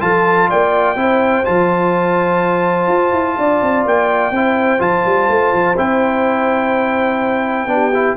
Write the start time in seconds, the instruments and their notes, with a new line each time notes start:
0.00 tuba F3, trombone F4, horn A4, trumpet A5
0.49 tuba A#3, horn D5, trumpet G5
0.96 tuba C4, trombone E4, horn C5
1.45 tuba F3, trombone F4, trumpet A5
2.88 tuba F4
3.12 tuba E4
3.38 tuba D4, horn D5
3.62 tuba C4
3.86 tuba A#3, trumpet G5
4.31 tuba C4, trombone E4, horn C5
4.79 tuba F3, trombone F4, trumpet A5
5.05 tuba G3
5.29 tuba A3
5.53 tuba F3
5.77 tuba C4, trombone E4, trumpet G5
7.67 tuba B3, trombone D4, horn G4
7.94 trombone E4